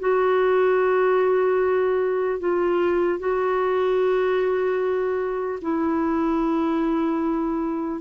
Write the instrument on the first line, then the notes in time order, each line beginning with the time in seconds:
clarinet
0.00 F#4
2.40 F4
3.20 F#4
5.62 E4